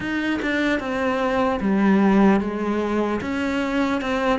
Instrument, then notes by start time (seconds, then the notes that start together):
cello
0.00 D#4
0.41 D4
0.79 C4
1.60 G3
2.40 G#3
3.21 C#4
4.01 C4